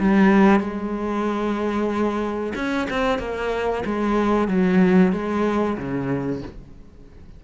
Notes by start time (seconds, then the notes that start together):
0.00 G3
0.60 G#3
2.55 C#4
2.90 C4
3.19 A#3
3.86 G#3
4.48 F#3
5.13 G#3
5.78 C#3